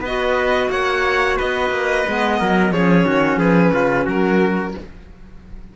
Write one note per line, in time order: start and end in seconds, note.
0.00 0.68 B3
0.00 2.06 F#4
0.00 0.67 B4
0.00 0.70 D#5
0.69 1.37 A#3
0.69 1.37 C#5
0.69 1.37 F#5
1.37 1.70 B3
1.37 2.38 B4
1.37 2.72 D#5
1.70 2.03 A#3
2.06 2.41 G#3
2.06 2.73 B3
2.39 2.71 F#3
2.39 2.73 A#4
2.71 3.05 F3
2.71 4.76 C#4
2.71 3.06 G#4
2.71 3.38 C#5
3.06 3.37 D#3
3.06 3.38 F#4
3.37 3.70 F3
3.37 3.72 G#4
3.37 4.06 B4
3.73 4.06 C#3
3.73 4.04 F4
4.04 4.74 F#3
4.04 4.72 F#4
4.04 4.76 A#4